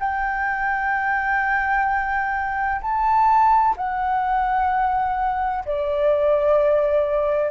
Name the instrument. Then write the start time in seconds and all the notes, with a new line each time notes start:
flute
0.00 G5
2.82 A5
3.77 F#5
5.65 D5